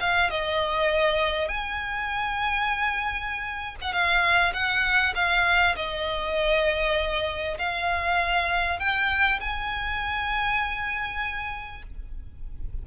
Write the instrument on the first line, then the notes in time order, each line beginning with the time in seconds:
violin
0.00 F5
0.30 D#5
1.48 G#5
3.81 F#5
3.92 F5
4.53 F#5
5.15 F5
5.76 D#5
7.58 F5
8.79 G5
9.40 G#5